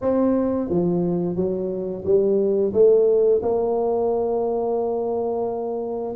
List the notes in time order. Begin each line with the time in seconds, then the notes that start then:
0.01 C4
0.69 F3
1.35 F#3
2.04 G3
2.73 A3
3.42 A#3